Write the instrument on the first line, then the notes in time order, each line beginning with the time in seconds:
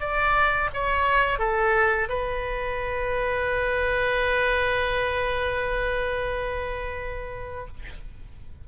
oboe
0.00 D5
0.74 C#5
1.39 A4
2.09 B4